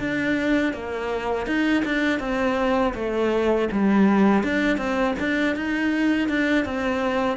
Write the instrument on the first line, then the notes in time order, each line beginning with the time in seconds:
cello
0.00 D4
0.74 A#3
1.47 D#4
1.86 D4
2.20 C4
2.95 A3
3.72 G3
4.44 D4
4.78 C4
5.20 D4
5.57 D#4
6.29 D4
6.65 C4